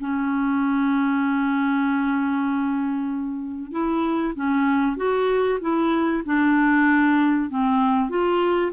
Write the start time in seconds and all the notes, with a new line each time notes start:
0.00 C#4
3.72 E4
4.36 C#4
4.97 F#4
5.61 E4
6.26 D4
7.50 C4
8.10 F4